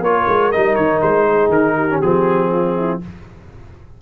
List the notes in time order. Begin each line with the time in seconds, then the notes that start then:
0.00 A#3 F4 A#4 C#5
0.28 G#3
0.52 G3 D#4 D#5
0.75 D#3 C#5
1.02 G#3 C5
1.28 G#4
1.48 D#3 A#4
1.75 G4
1.90 C#4
2.01 F3 C4 G#4
2.52 F4
2.76 E4